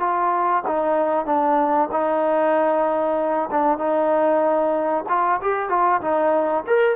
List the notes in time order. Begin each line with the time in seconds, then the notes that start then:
0.00 F4
0.67 D#4
1.26 D4
1.92 D#4
3.51 D4
3.78 D#4
5.09 F4
5.41 G4
5.70 F4
6.01 D#4
6.67 A#4